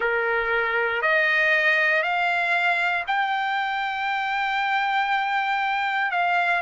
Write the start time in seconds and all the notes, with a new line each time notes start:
0.00 A#4
1.02 D#5
2.02 F5
3.07 G5
6.11 F5